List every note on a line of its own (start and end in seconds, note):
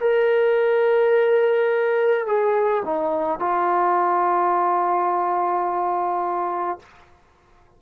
0.00 2.26 A#4
2.26 2.83 G#4
2.85 3.39 D#4
3.39 6.79 F4